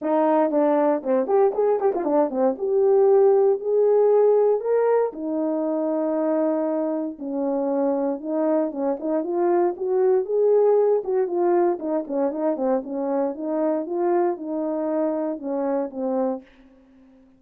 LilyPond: \new Staff \with { instrumentName = "horn" } { \time 4/4 \tempo 4 = 117 dis'4 d'4 c'8 g'8 gis'8 g'16 f'16 | d'8 c'8 g'2 gis'4~ | gis'4 ais'4 dis'2~ | dis'2 cis'2 |
dis'4 cis'8 dis'8 f'4 fis'4 | gis'4. fis'8 f'4 dis'8 cis'8 | dis'8 c'8 cis'4 dis'4 f'4 | dis'2 cis'4 c'4 | }